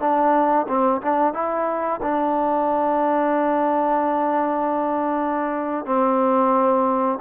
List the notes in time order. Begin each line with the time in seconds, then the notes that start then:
0.00 D4
0.68 C4
1.02 D4
1.34 E4
2.03 D4
5.85 C4